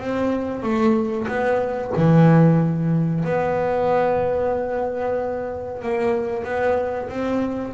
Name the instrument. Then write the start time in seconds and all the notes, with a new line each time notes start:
double bass
0.00 C4
0.63 A3
1.28 B3
1.97 E3
3.25 B3
5.82 A#3
6.45 B3
7.09 C4